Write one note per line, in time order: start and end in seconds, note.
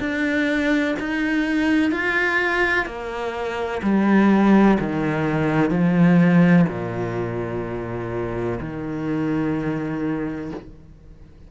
0.00 0.95 D4
1.00 1.92 D#4
1.92 2.86 F4
2.86 3.81 A#3
3.83 4.78 G3
4.81 5.71 D#3
5.71 6.66 F3
6.69 8.59 A#2
8.61 10.51 D#3